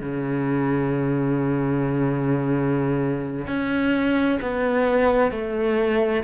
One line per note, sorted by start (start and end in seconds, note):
0.00 3.46 C#3
3.47 4.39 C#4
4.41 5.31 B3
5.31 6.23 A3